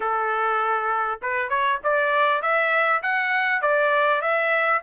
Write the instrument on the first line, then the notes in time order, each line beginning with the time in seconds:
trumpet
0.00 A4
1.22 B4
1.49 C#5
1.83 D5
2.42 E5
3.02 F#5
3.61 D5
4.21 E5